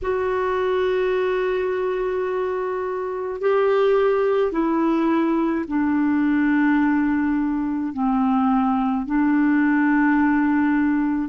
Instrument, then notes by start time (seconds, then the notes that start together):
clarinet
0.02 F#4
3.41 G4
4.52 E4
5.67 D4
7.92 C4
9.06 D4